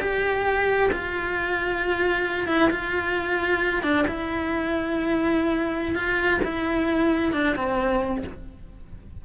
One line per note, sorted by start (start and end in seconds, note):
0.00 0.90 G4
0.92 2.48 F4
2.48 2.70 E4
2.70 3.83 F4
3.83 4.05 D4
4.08 5.95 E4
5.95 6.41 F4
6.44 7.33 E4
7.33 7.56 D4
7.56 8.24 C4